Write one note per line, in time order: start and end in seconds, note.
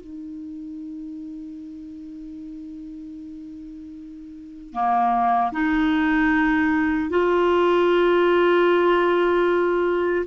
0.00 4.73 D#4
4.73 5.52 A#3
5.52 7.09 D#4
7.09 10.25 F4